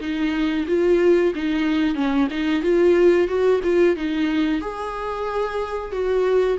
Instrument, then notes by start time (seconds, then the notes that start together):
viola
0.00 D#4
0.67 F4
1.35 D#4
1.95 C#4
2.30 D#4
2.63 F4
3.28 F#4
3.63 F4
3.96 D#4
4.61 G#4
5.92 F#4